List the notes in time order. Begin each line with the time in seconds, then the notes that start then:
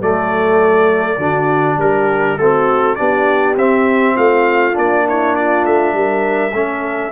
0.00 F#3 A3 A4 D5
1.17 D3 D4 F#4
1.77 G3 G4 A#4
2.38 A3 C4 F#4 A4
2.95 B3 D4 G4 D5
3.56 C4 E5
4.15 A3 F4 F5
4.73 A#3 D4 D5
5.08 E4 C#5
5.35 F4 D5
5.65 A3 E5
5.93 G3 A#4
6.52 A3 C#4 A4